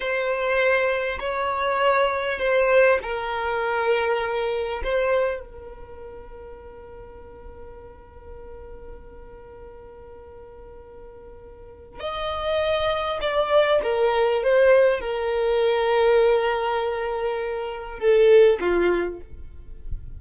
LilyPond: \new Staff \with { instrumentName = "violin" } { \time 4/4 \tempo 4 = 100 c''2 cis''2 | c''4 ais'2. | c''4 ais'2.~ | ais'1~ |
ais'1 | dis''2 d''4 ais'4 | c''4 ais'2.~ | ais'2 a'4 f'4 | }